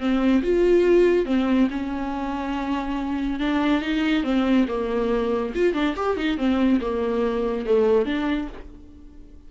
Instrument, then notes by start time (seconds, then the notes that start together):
viola
0.00 C4
0.43 F4
1.26 C4
1.71 C#4
3.40 D4
3.82 D#4
4.24 C4
4.68 A#3
5.55 F4
5.74 D4
5.96 G4
6.17 D#4
6.38 C4
6.81 A#3
7.66 A3
8.06 D4